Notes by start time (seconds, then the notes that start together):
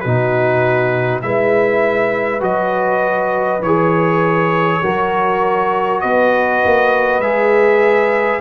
0.00 B2 D#4 F#4 B4
1.22 G#3 E4 B4 E5
2.41 F#3 F#4 D#5
3.62 E3 G#4 C#5
4.83 F#3 F#4 A#4
6.01 B3 B4 D#5
6.65 A#3
7.19 G#3 G#4 E5